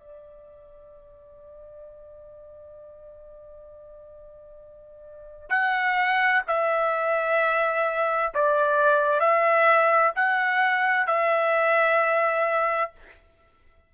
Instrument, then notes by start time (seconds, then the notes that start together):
trumpet
0.00 D5
5.50 F#5
6.48 E5
8.35 D5
9.20 E5
10.16 F#5
11.07 E5